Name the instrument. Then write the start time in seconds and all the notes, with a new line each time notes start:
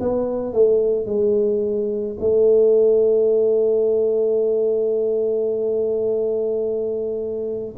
tuba
0.00 B3
0.54 A3
1.06 G#3
2.20 A3